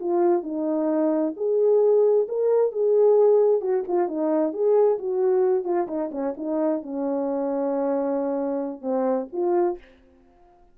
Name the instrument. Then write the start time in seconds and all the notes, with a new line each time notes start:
horn
0.00 F4
0.43 D#4
1.37 G#4
2.28 A#4
2.72 G#4
3.61 F#4
3.88 F4
4.08 D#4
4.53 G#4
4.99 F#4
5.64 F4
5.88 D#4
6.12 C#4
6.37 D#4
6.83 C#4
8.82 C4
9.33 F4